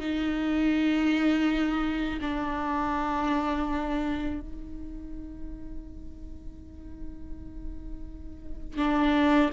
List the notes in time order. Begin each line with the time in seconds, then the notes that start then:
0.00 D#4
2.22 D4
4.41 D#4
8.77 D4